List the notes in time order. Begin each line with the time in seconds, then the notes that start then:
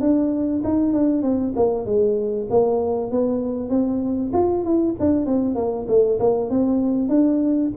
0.00 D4
0.64 D#4
0.93 D4
1.22 C4
1.55 A#3
1.86 G#3
2.50 A#3
3.11 B3
3.69 C4
4.33 F4
4.64 E4
4.99 D4
5.26 C4
5.55 A#3
5.88 A3
6.19 A#3
6.50 C4
7.09 D4